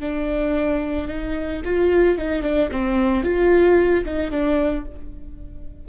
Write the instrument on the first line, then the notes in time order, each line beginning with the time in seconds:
viola
0.00 D4
1.08 D#4
1.65 F4
2.18 D#4
2.43 D4
2.71 C4
3.24 F4
4.05 D#4
4.31 D4